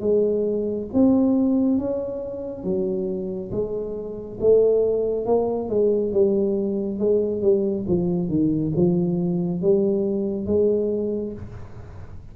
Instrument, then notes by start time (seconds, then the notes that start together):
tuba
0.00 G#3
0.93 C4
1.78 C#4
2.64 F#3
3.51 G#3
4.40 A3
5.25 A#3
5.69 G#3
6.12 G3
6.98 G#3
7.42 G3
7.87 F3
8.28 D#3
8.75 F3
9.62 G3
10.46 G#3